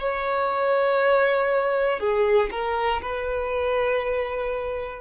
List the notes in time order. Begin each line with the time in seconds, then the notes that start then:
0.00 C#5
2.00 G#4
2.51 A#4
3.02 B4